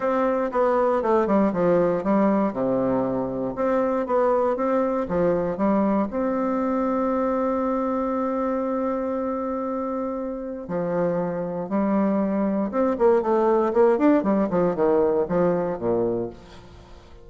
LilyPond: \new Staff \with { instrumentName = "bassoon" } { \time 4/4 \tempo 4 = 118 c'4 b4 a8 g8 f4 | g4 c2 c'4 | b4 c'4 f4 g4 | c'1~ |
c'1~ | c'4 f2 g4~ | g4 c'8 ais8 a4 ais8 d'8 | g8 f8 dis4 f4 ais,4 | }